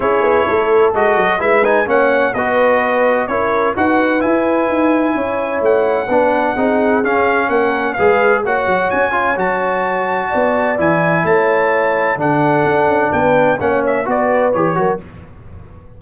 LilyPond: <<
  \new Staff \with { instrumentName = "trumpet" } { \time 4/4 \tempo 4 = 128 cis''2 dis''4 e''8 gis''8 | fis''4 dis''2 cis''4 | fis''4 gis''2. | fis''2. f''4 |
fis''4 f''4 fis''4 gis''4 | a''2. gis''4 | a''2 fis''2 | g''4 fis''8 e''8 d''4 cis''4 | }
  \new Staff \with { instrumentName = "horn" } { \time 4/4 gis'4 a'2 b'4 | cis''4 b'2 ais'4 | b'2. cis''4~ | cis''4 b'4 gis'2 |
ais'4 b'4 cis''2~ | cis''2 d''2 | cis''2 a'2 | b'4 cis''4 b'4. ais'8 | }
  \new Staff \with { instrumentName = "trombone" } { \time 4/4 e'2 fis'4 e'8 dis'8 | cis'4 fis'2 e'4 | fis'4 e'2.~ | e'4 d'4 dis'4 cis'4~ |
cis'4 gis'4 fis'4. f'8 | fis'2. e'4~ | e'2 d'2~ | d'4 cis'4 fis'4 g'8 fis'8 | }
  \new Staff \with { instrumentName = "tuba" } { \time 4/4 cis'8 b8 a4 gis8 fis8 gis4 | ais4 b2 cis'4 | dis'4 e'4 dis'4 cis'4 | a4 b4 c'4 cis'4 |
ais4 gis4 ais8 fis8 cis'4 | fis2 b4 e4 | a2 d4 d'8 cis'8 | b4 ais4 b4 e8 fis8 | }
>>